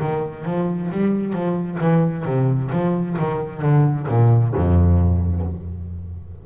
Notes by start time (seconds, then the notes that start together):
0.00 D#3
0.45 F3
0.91 G3
1.33 F3
1.81 E3
2.25 C3
2.72 F3
3.19 D#3
3.62 D3
4.08 A#2
4.55 F2